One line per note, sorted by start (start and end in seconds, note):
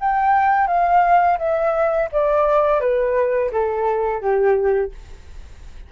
0.00 0.67 G5
0.67 1.38 F5
1.39 2.09 E5
2.12 2.80 D5
2.80 3.51 B4
3.52 4.21 A4
4.21 4.92 G4